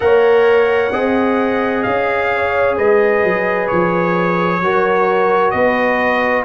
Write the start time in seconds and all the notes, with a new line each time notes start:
0.00 A#3 A#4 C#5 F#5
0.92 C4 G#4 D#5
1.82 C#4 F5
2.34 C#5
2.77 G#3 B4 D#5
3.23 F#3
3.67 F3 C#5
4.60 F#3 F#4 A#4
5.50 B3 B4 D#5